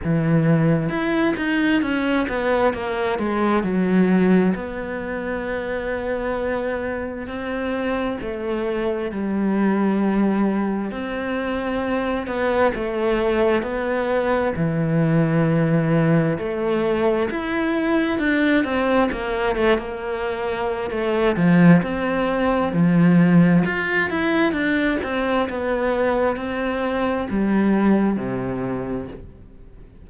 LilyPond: \new Staff \with { instrumentName = "cello" } { \time 4/4 \tempo 4 = 66 e4 e'8 dis'8 cis'8 b8 ais8 gis8 | fis4 b2. | c'4 a4 g2 | c'4. b8 a4 b4 |
e2 a4 e'4 | d'8 c'8 ais8 a16 ais4~ ais16 a8 f8 | c'4 f4 f'8 e'8 d'8 c'8 | b4 c'4 g4 c4 | }